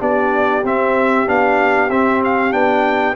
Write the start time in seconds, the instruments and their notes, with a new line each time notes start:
0.00 tuba B3, trombone D4, horn G4, trumpet D5
0.64 tuba C4, trombone C4, trumpet E5
1.27 tuba B3, trombone D4, trumpet F5
1.90 tuba C4, trombone C4, trumpet E5
2.25 trumpet F5
2.52 tuba B3, trombone D4, trumpet G5